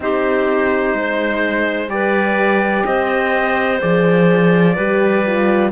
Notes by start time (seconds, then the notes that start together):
0.00 C4 D#4 G4 C5
0.93 G#3 C5
1.88 G3 G4 B4 D5
2.85 C4 C5 D#5
3.79 F3 G#4 D5
4.75 G3 G4 B4
5.26 F4